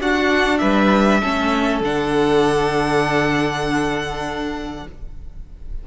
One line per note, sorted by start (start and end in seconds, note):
0.00 0.61 D4
0.00 1.22 D4
0.00 0.61 F#4
0.00 0.58 F#5
0.58 1.22 G3
0.58 1.20 B4
0.58 1.79 E5
1.20 1.81 A3
1.20 1.83 C#4
1.20 4.84 A4
1.81 4.84 D3
1.81 4.87 D4
1.81 4.87 F#5